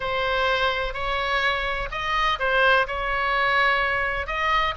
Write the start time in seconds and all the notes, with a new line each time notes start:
0.00 C5
0.93 C#5
1.91 D#5
2.39 C5
2.87 C#5
4.26 D#5